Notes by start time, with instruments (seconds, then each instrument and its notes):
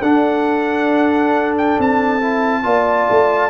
0.00 tuba D4, trombone D4, horn A4, trumpet F#5
1.58 trumpet G5
1.79 tuba C4, trumpet A5
2.22 trombone E4
2.63 tuba A#3, trombone F4, horn D5
3.10 tuba A3